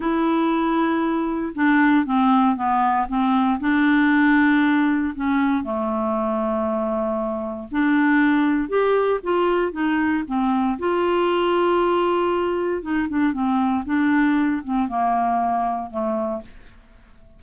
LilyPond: \new Staff \with { instrumentName = "clarinet" } { \time 4/4 \tempo 4 = 117 e'2. d'4 | c'4 b4 c'4 d'4~ | d'2 cis'4 a4~ | a2. d'4~ |
d'4 g'4 f'4 dis'4 | c'4 f'2.~ | f'4 dis'8 d'8 c'4 d'4~ | d'8 c'8 ais2 a4 | }